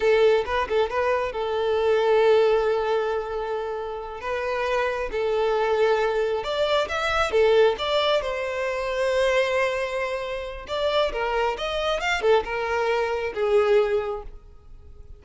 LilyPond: \new Staff \with { instrumentName = "violin" } { \time 4/4 \tempo 4 = 135 a'4 b'8 a'8 b'4 a'4~ | a'1~ | a'4. b'2 a'8~ | a'2~ a'8 d''4 e''8~ |
e''8 a'4 d''4 c''4.~ | c''1 | d''4 ais'4 dis''4 f''8 a'8 | ais'2 gis'2 | }